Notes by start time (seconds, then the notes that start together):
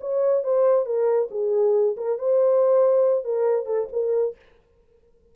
0.00 C#5
0.43 C5
0.85 A#4
1.30 G#4
1.96 A#4
2.18 C5
3.24 A#4
3.66 A4
3.92 A#4